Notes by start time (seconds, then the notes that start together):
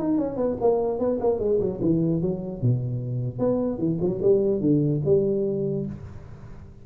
0.00 D#4
0.19 C#4
0.37 B3
0.61 A#3
1.00 B3
1.21 A#3
1.40 G#3
1.61 F#3
1.82 E3
2.22 F#3
2.62 B2
3.39 B3
3.79 E3
4.01 F#3
4.23 G3
4.61 D3
5.06 G3